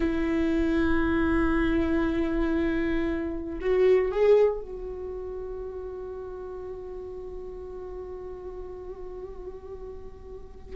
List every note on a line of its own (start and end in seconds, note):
0.00 3.59 E4
3.60 4.11 F#4
4.11 4.61 G#4
4.61 10.76 F#4